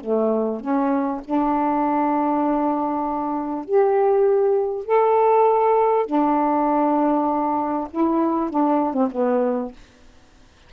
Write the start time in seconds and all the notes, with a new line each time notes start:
0.00 A3
0.60 C#4
1.25 D4
3.64 G4
4.85 A4
6.06 D4
7.90 E4
8.50 D4
8.93 C4
9.11 B3